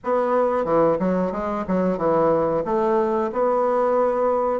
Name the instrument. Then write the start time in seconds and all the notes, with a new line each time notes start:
bassoon
0.03 B3
0.64 E3
0.99 F#3
1.32 G#3
1.67 F#3
1.97 E3
2.64 A3
3.32 B3